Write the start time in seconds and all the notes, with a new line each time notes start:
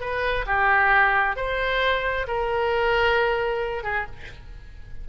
0.00 B4
0.46 G4
1.36 C5
2.27 A#4
3.83 G#4